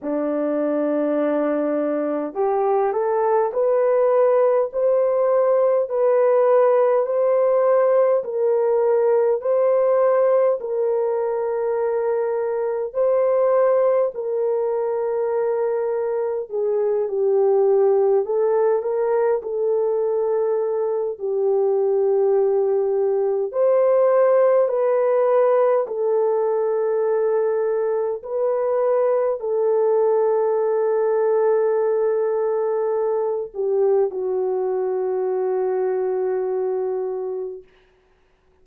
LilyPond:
\new Staff \with { instrumentName = "horn" } { \time 4/4 \tempo 4 = 51 d'2 g'8 a'8 b'4 | c''4 b'4 c''4 ais'4 | c''4 ais'2 c''4 | ais'2 gis'8 g'4 a'8 |
ais'8 a'4. g'2 | c''4 b'4 a'2 | b'4 a'2.~ | a'8 g'8 fis'2. | }